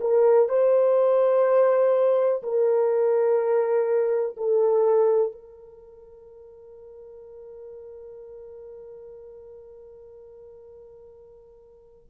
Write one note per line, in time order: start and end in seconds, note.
0.00 0.48 A#4
0.48 2.42 C5
2.42 4.36 A#4
4.37 5.32 A4
5.32 12.09 A#4